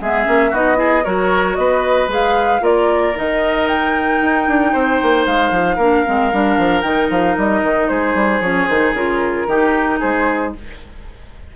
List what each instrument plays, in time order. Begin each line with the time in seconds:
0.00 bassoon G#3, clarinet B3, oboe G#4, flute E5
0.25 bassoon A#3, clarinet C#4
0.51 bassoon B3, clarinet D#4, oboe F#4, flute D#5
0.76 clarinet E4, oboe G#4
1.04 bassoon F#3, clarinet F#4, oboe A#4, flute C#5
1.56 bassoon B3, oboe B4, flute D#5
2.07 bassoon G#3, clarinet G#4, flute F5
2.61 bassoon A#3, clarinet F4, oboe A#4, flute D5
3.15 bassoon D#3, clarinet D#4, flute D#5
3.68 flute G5
4.21 bassoon D#4
4.47 bassoon D4
4.73 bassoon C4, oboe C5
5.02 bassoon A#3
5.26 bassoon G#3, flute F5
5.51 bassoon F3
5.76 bassoon A#3, clarinet D4, oboe A#4
6.05 bassoon G#3, clarinet C4
6.32 bassoon G3, clarinet D4
6.58 bassoon F3
6.81 bassoon D#3, clarinet D#4, flute G5
7.10 bassoon F3, flute F5
7.37 bassoon G3, flute D#5
7.63 bassoon D#3
7.88 bassoon G#3, oboe G#4, flute C5
8.14 bassoon G3
8.40 bassoon F3, clarinet C#4, flute C#5
8.67 bassoon D#3, clarinet D#4, flute C5
8.93 bassoon C#3, clarinet F4, flute A#4
9.47 bassoon D#3, clarinet D#4, oboe G4
10.00 bassoon G#3, oboe G#4, flute C5